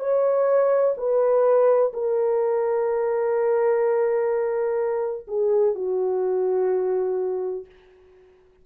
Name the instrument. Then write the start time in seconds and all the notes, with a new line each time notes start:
horn
0.00 C#5
0.98 B4
1.94 A#4
5.28 G#4
5.75 F#4